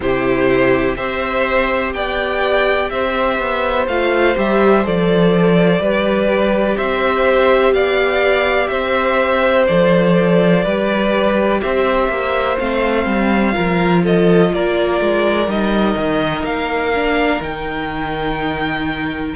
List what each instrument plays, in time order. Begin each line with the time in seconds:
0.00 cello C3, viola E4, violin G4 C5
0.96 cello C4, viola G4, violin C5 E5
1.93 cello B3, violin D5 G5
2.89 cello C4, violin C5 E5
3.38 cello B3
3.87 cello A3, viola F4, violin F5
4.35 cello G3, viola G4, violin E5
4.83 cello F3, viola A4, violin D5
5.79 cello G3, viola G4, violin B4
6.77 cello C4, violin C5 E5
7.72 cello B3, violin D5 F5
8.67 cello C4, violin C5 E5
9.67 cello F3, viola A4, violin D5
10.64 cello G3, viola G4, violin B4
11.61 cello C4, violin C5 E5
12.08 cello A#3
12.59 cello A3, viola C4, violin F5
13.05 cello G3
13.52 cello F3, viola F4, violin A#4
14.02 violin A4 D#5
14.53 cello A#3, violin A#4 D5
15.01 cello G#3
15.47 cello G3, viola D#4, violin D#5
15.96 cello D#3
16.43 cello A#3, violin F5
16.94 viola D4
17.40 cello D#3, viola D#4, violin G5